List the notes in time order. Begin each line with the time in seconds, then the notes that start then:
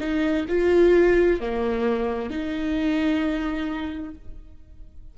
0.00 D#4
0.49 F4
1.41 A#3
2.30 D#4